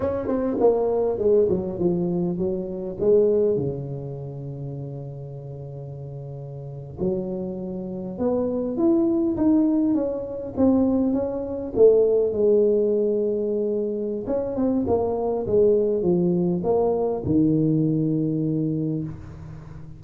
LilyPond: \new Staff \with { instrumentName = "tuba" } { \time 4/4 \tempo 4 = 101 cis'8 c'8 ais4 gis8 fis8 f4 | fis4 gis4 cis2~ | cis2.~ cis8. fis16~ | fis4.~ fis16 b4 e'4 dis'16~ |
dis'8. cis'4 c'4 cis'4 a16~ | a8. gis2.~ gis16 | cis'8 c'8 ais4 gis4 f4 | ais4 dis2. | }